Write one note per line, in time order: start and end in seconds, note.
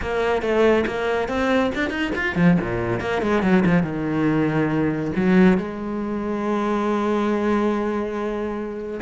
0.01 0.41 A#3
0.41 0.84 A3
0.86 1.28 A#3
1.28 1.71 C4
1.75 1.90 D4
1.90 2.11 D#4
2.15 2.35 F4
2.35 2.57 F3
2.60 3.00 A#2
3.00 3.21 A#3
3.22 3.42 G#3
3.42 3.63 F#3
3.65 3.83 F3
3.83 5.11 D#3
5.15 5.57 F#3
5.57 9.00 G#3